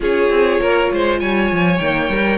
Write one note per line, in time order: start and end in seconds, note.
0.00 0.29 C#4
0.00 1.78 F4
0.00 0.60 G#4
0.00 1.19 C#5
0.29 0.59 C4
0.60 0.91 A#3
0.60 0.90 A#4
0.91 1.21 G#3
0.91 1.20 C5
1.19 1.51 G3
1.19 2.37 C#5
1.19 1.78 G#5
1.51 1.79 F3
1.78 2.08 D#3
1.78 2.11 A#3
1.78 2.37 G5
2.08 2.37 G3
2.08 2.37 A#4